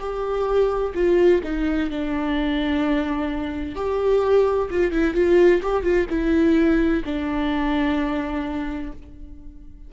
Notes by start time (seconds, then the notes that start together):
0.00 G4
0.95 F4
1.44 D#4
1.91 D4
3.76 G4
4.71 F4
4.92 E4
5.15 F4
5.63 G4
5.83 F4
6.10 E4
7.05 D4